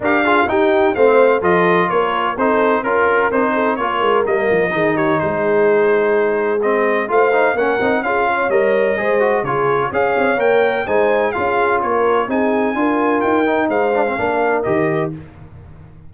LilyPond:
<<
  \new Staff \with { instrumentName = "trumpet" } { \time 4/4 \tempo 4 = 127 f''4 g''4 f''4 dis''4 | cis''4 c''4 ais'4 c''4 | cis''4 dis''4. cis''8 c''4~ | c''2 dis''4 f''4 |
fis''4 f''4 dis''2 | cis''4 f''4 g''4 gis''4 | f''4 cis''4 gis''2 | g''4 f''2 dis''4 | }
  \new Staff \with { instrumentName = "horn" } { \time 4/4 ais'8 gis'8 g'4 c''4 a'4 | ais'4 a'4 ais'4. a'8 | ais'2 gis'8 g'8 gis'4~ | gis'2. c''4 |
ais'4 gis'8 cis''4. c''4 | gis'4 cis''2 c''4 | gis'4 ais'4 gis'4 ais'4~ | ais'4 c''4 ais'2 | }
  \new Staff \with { instrumentName = "trombone" } { \time 4/4 g'8 f'8 dis'4 c'4 f'4~ | f'4 dis'4 f'4 dis'4 | f'4 ais4 dis'2~ | dis'2 c'4 f'8 dis'8 |
cis'8 dis'8 f'4 ais'4 gis'8 fis'8 | f'4 gis'4 ais'4 dis'4 | f'2 dis'4 f'4~ | f'8 dis'4 d'16 c'16 d'4 g'4 | }
  \new Staff \with { instrumentName = "tuba" } { \time 4/4 d'4 dis'4 a4 f4 | ais4 c'4 cis'4 c'4 | ais8 gis8 g8 f8 dis4 gis4~ | gis2. a4 |
ais8 c'8 cis'4 g4 gis4 | cis4 cis'8 c'8 ais4 gis4 | cis'4 ais4 c'4 d'4 | dis'4 gis4 ais4 dis4 | }
>>